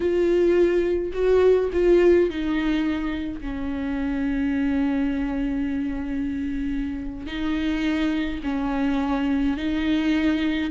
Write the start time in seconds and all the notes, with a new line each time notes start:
0.00 F4
1.12 F#4
1.72 F4
2.30 D#4
3.41 C#4
7.26 D#4
8.43 C#4
9.57 D#4